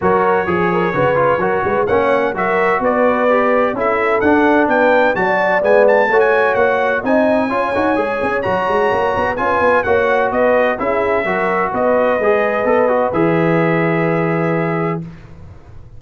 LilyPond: <<
  \new Staff \with { instrumentName = "trumpet" } { \time 4/4 \tempo 4 = 128 cis''1 | fis''4 e''4 d''2 | e''4 fis''4 g''4 a''4 | gis''8 a''8. gis''8. fis''4 gis''4~ |
gis''2 ais''2 | gis''4 fis''4 dis''4 e''4~ | e''4 dis''2. | e''1 | }
  \new Staff \with { instrumentName = "horn" } { \time 4/4 ais'4 gis'8 ais'8 b'4 ais'8 b'8 | cis''4 ais'4 b'2 | a'2 b'4 d''4~ | d''4 cis''2 dis''4 |
cis''1 | b'4 cis''4 b'4 gis'4 | ais'4 b'2.~ | b'1 | }
  \new Staff \with { instrumentName = "trombone" } { \time 4/4 fis'4 gis'4 fis'8 f'8 fis'4 | cis'4 fis'2 g'4 | e'4 d'2 fis'4 | b4 fis'2 dis'4 |
f'8 fis'8 gis'4 fis'2 | f'4 fis'2 e'4 | fis'2 gis'4 a'8 fis'8 | gis'1 | }
  \new Staff \with { instrumentName = "tuba" } { \time 4/4 fis4 f4 cis4 fis8 gis8 | ais4 fis4 b2 | cis'4 d'4 b4 fis4 | gis4 a4 ais4 c'4 |
cis'8 dis'8 gis8 cis'8 fis8 gis8 ais8 b8 | cis'8 b8 ais4 b4 cis'4 | fis4 b4 gis4 b4 | e1 | }
>>